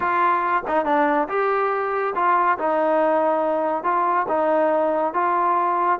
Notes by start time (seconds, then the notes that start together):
0.00 F4
0.67 D#4
0.85 D4
1.28 G4
2.15 F4
2.58 D#4
3.83 F4
4.28 D#4
5.13 F4